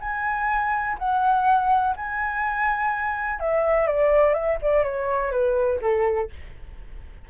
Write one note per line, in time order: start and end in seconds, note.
0.00 0.97 G#5
0.99 1.95 F#5
1.96 3.40 G#5
3.40 3.87 E5
3.87 4.34 D5
4.34 4.58 E5
4.62 4.84 D5
4.84 5.31 C#5
5.31 5.80 B4
5.81 6.30 A4